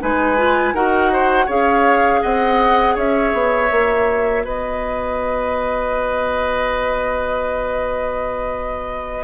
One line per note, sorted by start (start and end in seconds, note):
0.00 0.73 G#3
0.00 0.37 D#4
0.00 0.75 B4
0.00 0.75 G#5
0.37 0.75 F4
0.73 1.47 D#4
0.73 1.49 F#4
0.73 1.12 A#4
0.73 1.49 F#5
1.12 1.46 C5
1.46 2.23 C#4
1.46 3.70 G#4
1.46 2.20 C#5
1.46 2.23 F5
2.23 2.97 C4
2.23 2.95 D#5
2.23 2.97 F#5
2.95 3.33 C#4
2.95 4.44 C#5
2.95 4.46 E5
3.33 3.71 B3
3.70 4.45 A#3
3.70 9.24 F#4
4.45 9.24 B3
4.45 9.24 B4
4.45 9.24 D#5